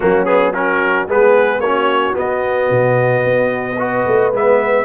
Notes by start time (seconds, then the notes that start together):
0.00 F#3 A#3 C#4 F#4
0.25 B3 G#4
0.53 C#4 F#4 A#4
1.06 G#3 B3 G#4 B4
1.59 A#3 C#4 F#4 C#5
2.13 B3 D#5
2.70 B2
3.24 B3
3.78 F#4 B4
4.07 A3
4.32 G#3 B3 E5